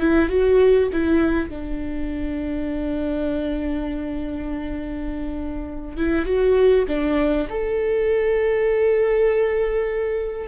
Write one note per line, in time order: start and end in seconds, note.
0.00 0.29 E4
0.29 0.89 F#4
0.93 1.49 E4
1.49 5.98 D4
5.98 6.26 E4
6.26 6.86 F#4
6.88 7.48 D4
7.50 10.48 A4